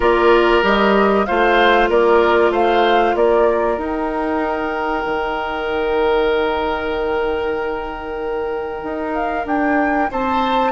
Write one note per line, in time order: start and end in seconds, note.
0.00 0.61 A#3
0.00 0.62 F4
0.00 1.26 A#4
0.00 0.64 D5
0.62 1.26 G3
0.62 1.25 G4
0.62 1.25 D#5
1.25 1.89 A3
1.25 3.78 F4
1.25 1.89 C5
1.25 1.89 F5
1.89 2.50 A#3
1.89 2.52 A#4
1.89 2.53 D5
2.50 3.13 A3
2.50 3.15 C5
2.50 3.16 F5
3.14 3.77 A#3
3.14 10.11 A#4
3.14 3.78 D5
3.77 5.03 D#4
3.77 10.72 D#4
3.77 9.14 G5
5.05 8.83 D#3
8.83 9.45 D#4
9.14 9.46 F5
9.45 10.09 D4
9.45 10.10 G5
10.11 10.72 C4
10.11 10.72 C5
10.11 10.72 A5